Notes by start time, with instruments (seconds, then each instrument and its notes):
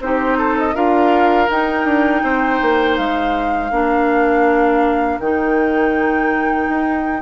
0.00 bassoon C4, clarinet D#4, oboe G4, flute C5
0.38 oboe A4
0.58 flute D#5
0.75 bassoon D4, clarinet F4, oboe A#4, flute F5
1.48 clarinet D#4, bassoon D#4, flute G5
1.85 bassoon D4
2.23 bassoon C4, oboe C5
2.62 bassoon A#3
2.97 bassoon G#3, flute F5
3.71 bassoon A#3, clarinet D4, oboe A#4
5.20 bassoon D#3, clarinet D#4, flute G5
6.69 bassoon D#4